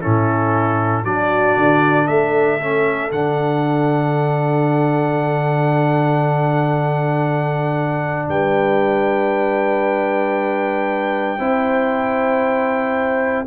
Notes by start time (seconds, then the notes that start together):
0.00 A2 C#4 E4 A4
1.02 F#3 D4 F#4 D5
1.57 D3
2.07 A3 A4 E5
2.60 C#4
3.11 D3 D4 F#5
8.28 G3 B4 G5
11.38 C4 E4 C5